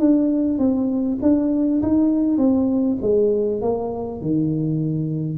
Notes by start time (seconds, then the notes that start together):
0.00 D4
0.59 C4
1.22 D4
1.83 D#4
2.38 C4
3.02 G#3
3.62 A#3
4.21 D#3